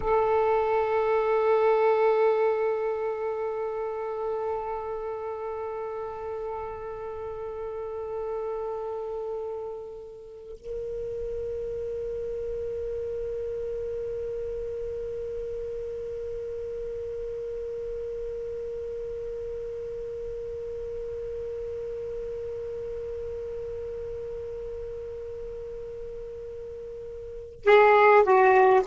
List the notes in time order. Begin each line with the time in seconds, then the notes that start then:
0.00 A4
10.59 A#4
27.65 G#4
28.23 F#4